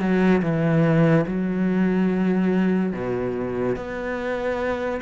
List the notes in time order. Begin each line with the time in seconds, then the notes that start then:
0.00 F#3
0.42 E3
1.27 F#3
2.93 B2
3.76 B3